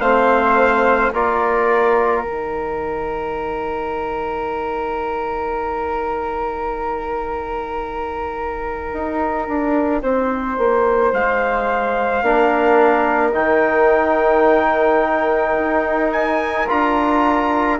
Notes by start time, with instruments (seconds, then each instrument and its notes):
0.00 bassoon A3, trombone C4, flute C5, trumpet F5
1.12 bassoon A#3, trombone F4, flute A#4, trumpet D5
2.22 bassoon D#3, trombone D#4, trumpet G5
8.93 bassoon D#4
9.48 bassoon D4
10.02 bassoon C4, flute C5
10.58 bassoon A#3
11.12 bassoon G#3, trumpet F5
12.22 bassoon A#3, trombone D4, flute A#4
13.33 bassoon D#3, trombone D#4, trumpet G5
15.57 bassoon D#4
16.12 trumpet G#5
16.68 bassoon D4, trombone F4, trumpet A#5